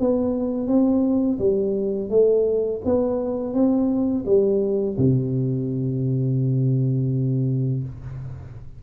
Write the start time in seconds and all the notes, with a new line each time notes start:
0.00 B3
0.68 C4
1.39 G3
2.10 A3
2.85 B3
3.54 C4
4.26 G3
4.98 C3